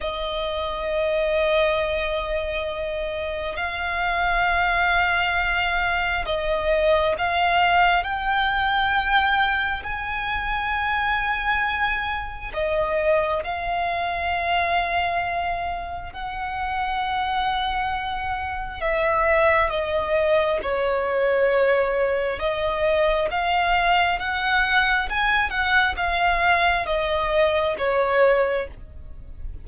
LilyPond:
\new Staff \with { instrumentName = "violin" } { \time 4/4 \tempo 4 = 67 dis''1 | f''2. dis''4 | f''4 g''2 gis''4~ | gis''2 dis''4 f''4~ |
f''2 fis''2~ | fis''4 e''4 dis''4 cis''4~ | cis''4 dis''4 f''4 fis''4 | gis''8 fis''8 f''4 dis''4 cis''4 | }